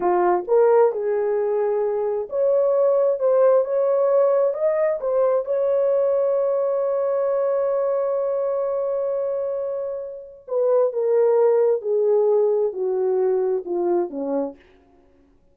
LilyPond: \new Staff \with { instrumentName = "horn" } { \time 4/4 \tempo 4 = 132 f'4 ais'4 gis'2~ | gis'4 cis''2 c''4 | cis''2 dis''4 c''4 | cis''1~ |
cis''1~ | cis''2. b'4 | ais'2 gis'2 | fis'2 f'4 cis'4 | }